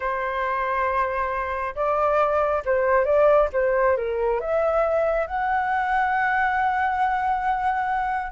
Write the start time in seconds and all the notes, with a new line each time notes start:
0.00 C5
1.75 D5
2.65 C5
3.04 D5
3.53 C5
3.96 A#4
4.40 E5
5.27 F#5